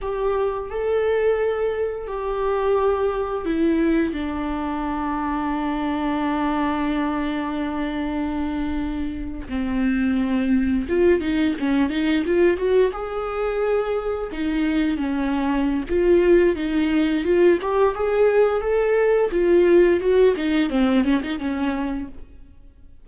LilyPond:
\new Staff \with { instrumentName = "viola" } { \time 4/4 \tempo 4 = 87 g'4 a'2 g'4~ | g'4 e'4 d'2~ | d'1~ | d'4.~ d'16 c'2 f'16~ |
f'16 dis'8 cis'8 dis'8 f'8 fis'8 gis'4~ gis'16~ | gis'8. dis'4 cis'4~ cis'16 f'4 | dis'4 f'8 g'8 gis'4 a'4 | f'4 fis'8 dis'8 c'8 cis'16 dis'16 cis'4 | }